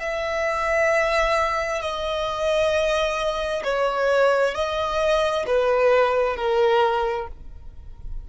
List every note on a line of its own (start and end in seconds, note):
0.00 1.81 E5
1.81 3.63 D#5
3.64 4.55 C#5
4.55 5.46 D#5
5.47 6.37 B4
6.37 7.28 A#4